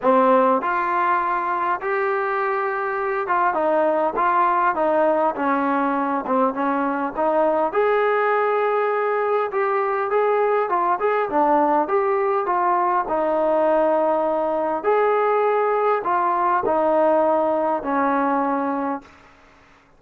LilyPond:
\new Staff \with { instrumentName = "trombone" } { \time 4/4 \tempo 4 = 101 c'4 f'2 g'4~ | g'4. f'8 dis'4 f'4 | dis'4 cis'4. c'8 cis'4 | dis'4 gis'2. |
g'4 gis'4 f'8 gis'8 d'4 | g'4 f'4 dis'2~ | dis'4 gis'2 f'4 | dis'2 cis'2 | }